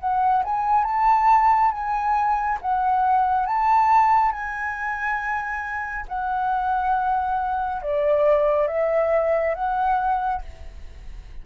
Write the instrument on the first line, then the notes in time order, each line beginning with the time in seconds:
flute
0.00 F#5
0.44 G#5
0.84 A5
1.72 G#5
2.61 F#5
3.46 A5
4.32 G#5
6.08 F#5
7.82 D5
8.68 E5
9.55 F#5